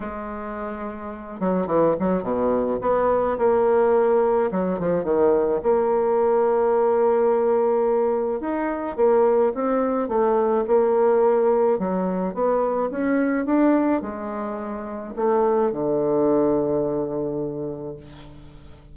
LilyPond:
\new Staff \with { instrumentName = "bassoon" } { \time 4/4 \tempo 4 = 107 gis2~ gis8 fis8 e8 fis8 | b,4 b4 ais2 | fis8 f8 dis4 ais2~ | ais2. dis'4 |
ais4 c'4 a4 ais4~ | ais4 fis4 b4 cis'4 | d'4 gis2 a4 | d1 | }